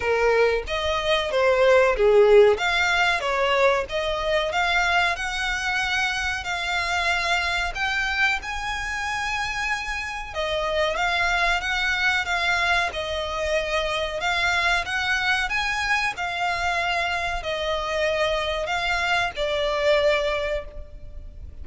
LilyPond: \new Staff \with { instrumentName = "violin" } { \time 4/4 \tempo 4 = 93 ais'4 dis''4 c''4 gis'4 | f''4 cis''4 dis''4 f''4 | fis''2 f''2 | g''4 gis''2. |
dis''4 f''4 fis''4 f''4 | dis''2 f''4 fis''4 | gis''4 f''2 dis''4~ | dis''4 f''4 d''2 | }